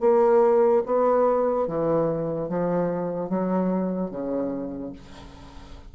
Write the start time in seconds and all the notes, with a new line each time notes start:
0.00 A#3
0.85 B3
1.67 E3
2.49 F3
3.29 F#3
4.10 C#3